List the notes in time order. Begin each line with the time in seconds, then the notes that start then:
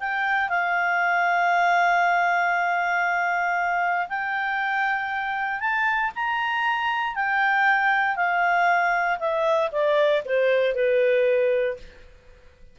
0.00 G5
0.49 F5
4.09 G5
5.60 A5
6.15 A#5
7.16 G5
8.16 F5
9.19 E5
9.72 D5
10.25 C5
10.75 B4